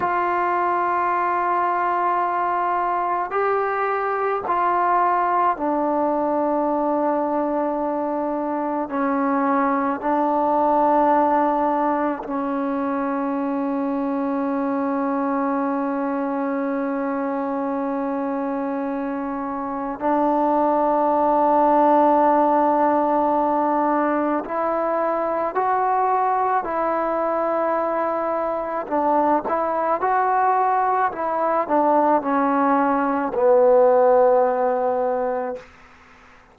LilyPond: \new Staff \with { instrumentName = "trombone" } { \time 4/4 \tempo 4 = 54 f'2. g'4 | f'4 d'2. | cis'4 d'2 cis'4~ | cis'1~ |
cis'2 d'2~ | d'2 e'4 fis'4 | e'2 d'8 e'8 fis'4 | e'8 d'8 cis'4 b2 | }